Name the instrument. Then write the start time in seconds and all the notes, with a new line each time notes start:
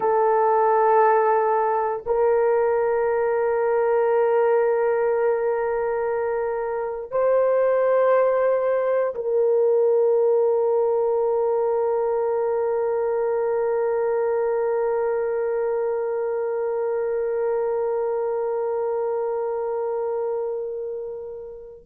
horn
0.00 A4
2.06 A#4
7.11 C5
9.14 A#4